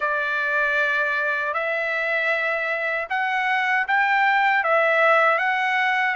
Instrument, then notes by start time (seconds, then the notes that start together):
trumpet
0.00 D5
1.53 E5
3.09 F#5
3.87 G5
4.63 E5
5.38 F#5